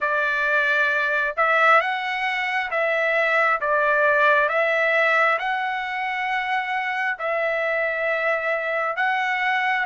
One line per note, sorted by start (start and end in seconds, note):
0.00 1.35 D5
1.37 1.80 E5
1.80 2.70 F#5
2.70 3.60 E5
3.60 4.48 D5
4.48 5.38 E5
5.38 7.17 F#5
7.18 8.96 E5
8.96 9.85 F#5